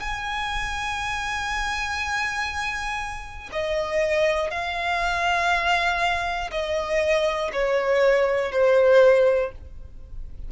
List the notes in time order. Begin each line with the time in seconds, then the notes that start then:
0.00 G#5
3.52 D#5
4.51 F5
6.51 D#5
7.52 C#5
8.52 C5